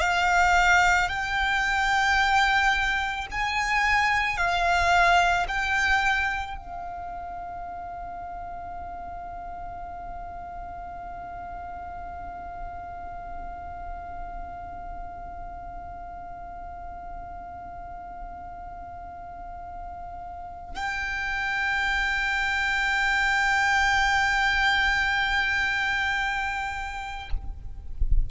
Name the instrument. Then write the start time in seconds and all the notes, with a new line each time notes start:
violin
0.00 F5
1.09 G5
3.31 G#5
4.37 F5
5.48 G5
6.57 F5
20.75 G5